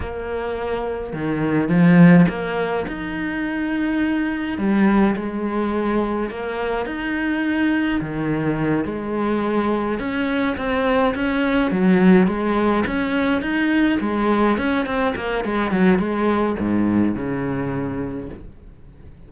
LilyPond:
\new Staff \with { instrumentName = "cello" } { \time 4/4 \tempo 4 = 105 ais2 dis4 f4 | ais4 dis'2. | g4 gis2 ais4 | dis'2 dis4. gis8~ |
gis4. cis'4 c'4 cis'8~ | cis'8 fis4 gis4 cis'4 dis'8~ | dis'8 gis4 cis'8 c'8 ais8 gis8 fis8 | gis4 gis,4 cis2 | }